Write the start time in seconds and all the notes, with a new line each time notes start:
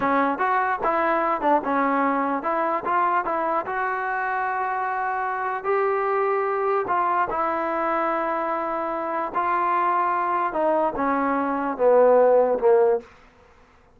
0.00 C#4
0.38 F#4
0.83 E4
1.41 D4
1.64 C#4
2.43 E4
2.84 F4
3.25 E4
3.66 F#4
5.64 G4
6.87 F4
7.30 E4
9.34 F4
10.52 D#4
10.96 C#4
11.77 B3
12.59 A#3